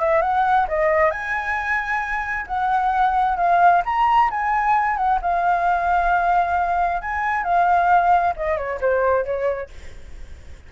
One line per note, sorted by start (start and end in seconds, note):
0.00 0.22 E5
0.22 0.67 F#5
0.68 1.11 D#5
1.11 2.47 G#5
2.47 3.37 F#5
3.37 3.82 F5
3.86 4.31 A#5
4.31 4.97 G#5
4.97 5.20 F#5
5.22 7.02 F5
7.02 7.44 G#5
7.44 8.34 F5
8.37 8.58 D#5
8.58 8.80 C#5
8.82 9.25 C5
9.25 9.70 C#5